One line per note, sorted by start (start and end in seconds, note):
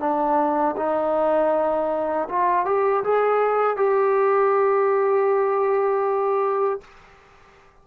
0.00 0.76 D4
0.77 2.29 D#4
2.30 2.66 F4
2.66 3.04 G4
3.04 3.77 G#4
3.77 6.81 G4